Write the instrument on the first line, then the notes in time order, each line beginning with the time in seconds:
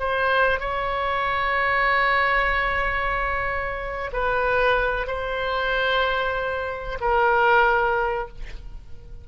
oboe
0.00 C5
0.60 C#5
4.13 B4
5.07 C5
7.01 A#4